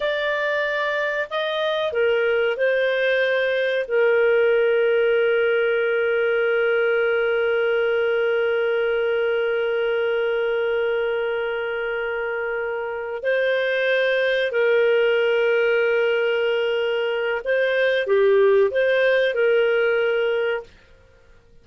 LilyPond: \new Staff \with { instrumentName = "clarinet" } { \time 4/4 \tempo 4 = 93 d''2 dis''4 ais'4 | c''2 ais'2~ | ais'1~ | ais'1~ |
ais'1~ | ais'8 c''2 ais'4.~ | ais'2. c''4 | g'4 c''4 ais'2 | }